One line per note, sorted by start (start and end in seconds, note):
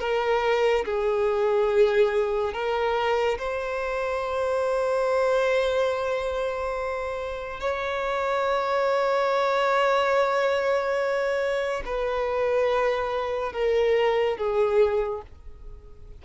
0.00 0.85 A#4
0.85 2.54 G#4
2.54 3.38 A#4
3.38 7.60 C5
7.60 11.83 C#5
11.85 13.52 B4
13.52 14.37 A#4
14.37 15.22 G#4